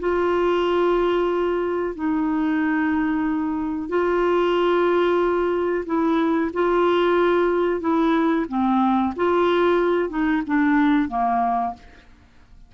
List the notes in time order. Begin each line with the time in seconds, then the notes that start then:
0.00 F4
1.95 D#4
3.89 F4
5.86 E4
6.54 F4
7.81 E4
8.48 C4
9.16 F4
10.10 D#4
10.47 D4
11.09 A#3